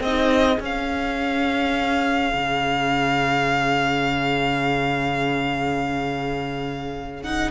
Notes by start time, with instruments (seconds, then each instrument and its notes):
0.00 cello C4, violin G#4 D#5
0.06 viola D#4
0.58 viola C#4, cello C#4
0.65 violin F5
2.34 cello C#3
7.23 viola D#4, violin F#5